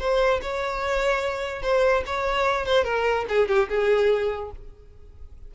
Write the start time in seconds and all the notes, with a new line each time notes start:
0.00 C5
0.42 C#5
1.63 C5
2.07 C#5
2.66 C5
2.85 A#4
3.29 G#4
3.49 G4
3.69 G#4